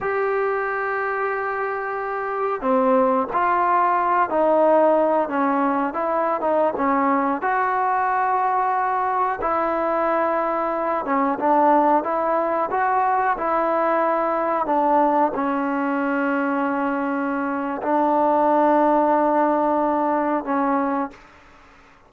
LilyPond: \new Staff \with { instrumentName = "trombone" } { \time 4/4 \tempo 4 = 91 g'1 | c'4 f'4. dis'4. | cis'4 e'8. dis'8 cis'4 fis'8.~ | fis'2~ fis'16 e'4.~ e'16~ |
e'8. cis'8 d'4 e'4 fis'8.~ | fis'16 e'2 d'4 cis'8.~ | cis'2. d'4~ | d'2. cis'4 | }